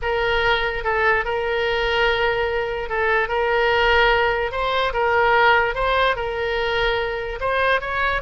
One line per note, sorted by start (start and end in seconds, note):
0.02 0.83 A#4
0.83 1.24 A4
1.24 2.89 A#4
2.89 3.28 A4
3.28 4.51 A#4
4.51 4.92 C5
4.93 5.74 A#4
5.74 6.16 C5
6.16 7.39 A#4
7.40 7.80 C5
7.80 8.21 C#5